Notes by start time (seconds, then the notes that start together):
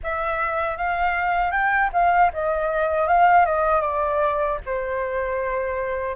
0.03 E5
0.77 F5
1.51 G5
1.92 F5
2.33 D#5
3.07 F5
3.45 D#5
3.81 D5
4.65 C5